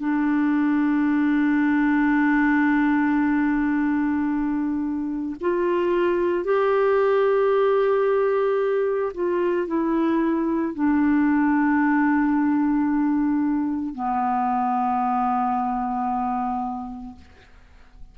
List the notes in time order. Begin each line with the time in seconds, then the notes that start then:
0.00 D4
5.41 F4
6.45 G4
9.14 F4
9.67 E4
10.74 D4
13.95 B3